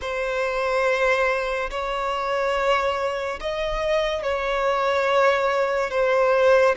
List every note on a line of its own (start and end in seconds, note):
0.01 1.70 C5
1.70 3.39 C#5
3.40 4.23 D#5
4.23 5.90 C#5
5.90 6.75 C5